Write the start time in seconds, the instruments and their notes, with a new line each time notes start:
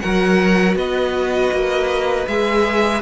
0.00 cello F#3, viola F#4, violin A#4 F#5
0.75 cello B3, violin B4 D#5
1.52 cello A#3
2.27 cello G#3, viola G#4, violin E5